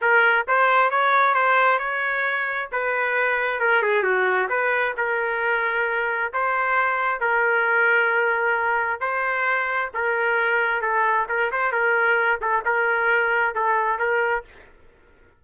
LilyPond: \new Staff \with { instrumentName = "trumpet" } { \time 4/4 \tempo 4 = 133 ais'4 c''4 cis''4 c''4 | cis''2 b'2 | ais'8 gis'8 fis'4 b'4 ais'4~ | ais'2 c''2 |
ais'1 | c''2 ais'2 | a'4 ais'8 c''8 ais'4. a'8 | ais'2 a'4 ais'4 | }